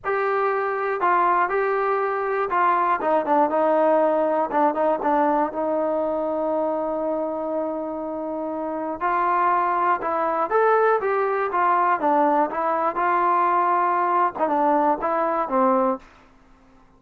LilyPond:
\new Staff \with { instrumentName = "trombone" } { \time 4/4 \tempo 4 = 120 g'2 f'4 g'4~ | g'4 f'4 dis'8 d'8 dis'4~ | dis'4 d'8 dis'8 d'4 dis'4~ | dis'1~ |
dis'2 f'2 | e'4 a'4 g'4 f'4 | d'4 e'4 f'2~ | f'8. dis'16 d'4 e'4 c'4 | }